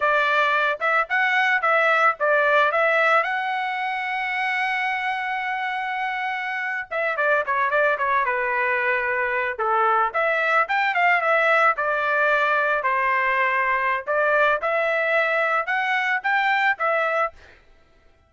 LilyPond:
\new Staff \with { instrumentName = "trumpet" } { \time 4/4 \tempo 4 = 111 d''4. e''8 fis''4 e''4 | d''4 e''4 fis''2~ | fis''1~ | fis''8. e''8 d''8 cis''8 d''8 cis''8 b'8.~ |
b'4.~ b'16 a'4 e''4 g''16~ | g''16 f''8 e''4 d''2 c''16~ | c''2 d''4 e''4~ | e''4 fis''4 g''4 e''4 | }